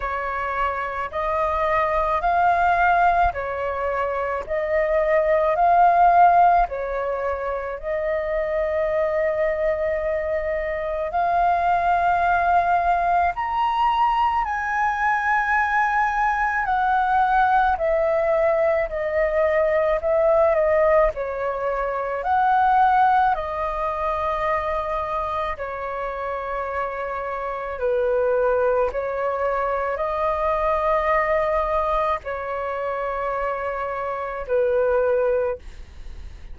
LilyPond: \new Staff \with { instrumentName = "flute" } { \time 4/4 \tempo 4 = 54 cis''4 dis''4 f''4 cis''4 | dis''4 f''4 cis''4 dis''4~ | dis''2 f''2 | ais''4 gis''2 fis''4 |
e''4 dis''4 e''8 dis''8 cis''4 | fis''4 dis''2 cis''4~ | cis''4 b'4 cis''4 dis''4~ | dis''4 cis''2 b'4 | }